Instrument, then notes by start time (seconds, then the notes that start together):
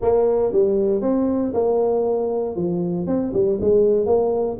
tuba
0.01 A#3
0.52 G3
1.01 C4
1.53 A#3
2.55 F3
3.06 C4
3.33 G3
3.60 G#3
4.06 A#3